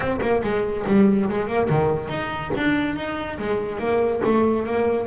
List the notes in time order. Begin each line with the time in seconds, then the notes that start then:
0.00 C4
0.21 A#3
0.43 G#3
0.86 G3
1.29 G#3
1.47 A#3
1.69 D#3
2.09 D#4
2.56 D4
2.96 D#4
3.38 G#3
3.78 A#3
4.24 A3
4.66 A#3